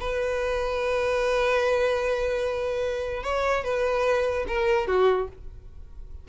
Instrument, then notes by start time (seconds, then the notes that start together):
violin
0.00 B4
3.23 C#5
3.64 B4
4.47 A#4
4.87 F#4